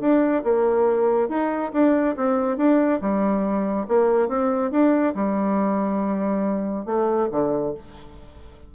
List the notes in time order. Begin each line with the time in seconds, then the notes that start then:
0.00 D4
0.43 A#3
1.29 D#4
1.72 D4
2.16 C4
2.57 D4
3.01 G3
3.88 A#3
4.28 C4
4.71 D4
5.14 G3
6.85 A3
7.31 D3